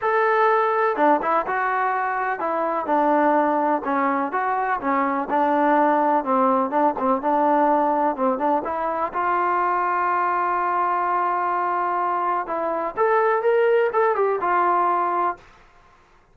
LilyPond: \new Staff \with { instrumentName = "trombone" } { \time 4/4 \tempo 4 = 125 a'2 d'8 e'8 fis'4~ | fis'4 e'4 d'2 | cis'4 fis'4 cis'4 d'4~ | d'4 c'4 d'8 c'8 d'4~ |
d'4 c'8 d'8 e'4 f'4~ | f'1~ | f'2 e'4 a'4 | ais'4 a'8 g'8 f'2 | }